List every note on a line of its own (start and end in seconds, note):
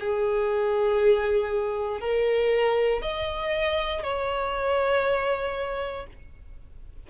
0.00 2.01 G#4
2.01 3.02 A#4
3.02 4.04 D#5
4.04 6.07 C#5